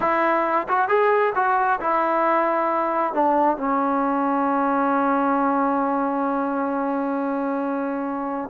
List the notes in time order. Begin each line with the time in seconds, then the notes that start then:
0.00 E4
0.68 F#4
0.88 G#4
1.35 F#4
1.80 E4
3.13 D4
3.57 C#4